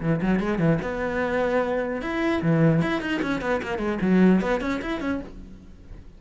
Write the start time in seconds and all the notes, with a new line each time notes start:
0.00 E3
0.21 F#3
0.39 G#3
0.59 E3
0.82 B3
2.01 E4
2.41 E3
2.82 E4
3.01 D#4
3.21 C#4
3.41 B3
3.62 A#3
3.78 G#3
4.01 F#3
4.41 B3
4.60 C#4
4.81 E4
5.00 C#4